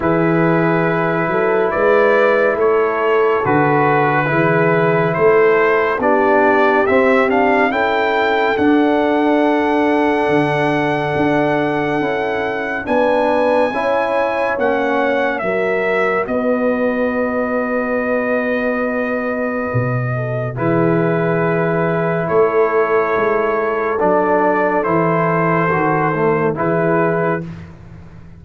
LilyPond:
<<
  \new Staff \with { instrumentName = "trumpet" } { \time 4/4 \tempo 4 = 70 b'2 d''4 cis''4 | b'2 c''4 d''4 | e''8 f''8 g''4 fis''2~ | fis''2. gis''4~ |
gis''4 fis''4 e''4 dis''4~ | dis''1 | b'2 cis''2 | d''4 c''2 b'4 | }
  \new Staff \with { instrumentName = "horn" } { \time 4/4 gis'4. a'8 b'4 a'4~ | a'4 gis'4 a'4 g'4~ | g'4 a'2.~ | a'2. b'4 |
cis''2 ais'4 b'4~ | b'2.~ b'8 a'8 | gis'2 a'2~ | a'2. gis'4 | }
  \new Staff \with { instrumentName = "trombone" } { \time 4/4 e'1 | fis'4 e'2 d'4 | c'8 d'8 e'4 d'2~ | d'2 e'4 d'4 |
e'4 cis'4 fis'2~ | fis'1 | e'1 | d'4 e'4 fis'8 a8 e'4 | }
  \new Staff \with { instrumentName = "tuba" } { \time 4/4 e4. fis8 gis4 a4 | d4 e4 a4 b4 | c'4 cis'4 d'2 | d4 d'4 cis'4 b4 |
cis'4 ais4 fis4 b4~ | b2. b,4 | e2 a4 gis4 | fis4 e4 dis4 e4 | }
>>